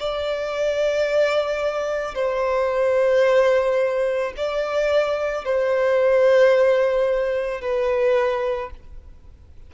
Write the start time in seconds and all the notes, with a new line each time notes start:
0.00 D5
2.15 C5
4.37 D5
5.45 C5
7.62 B4